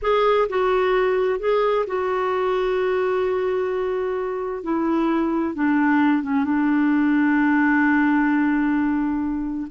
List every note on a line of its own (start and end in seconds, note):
0.01 0.48 G#4
0.49 1.39 F#4
1.39 1.85 G#4
1.86 4.63 F#4
4.63 5.54 E4
5.54 6.22 D4
6.22 6.44 C#4
6.44 9.67 D4